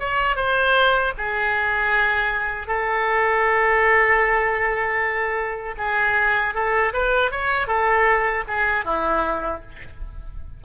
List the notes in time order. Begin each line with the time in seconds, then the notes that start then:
0.00 C#5
0.36 C5
1.18 G#4
2.67 A4
5.78 G#4
6.55 A4
6.93 B4
7.31 C#5
7.67 A4
8.48 G#4
8.85 E4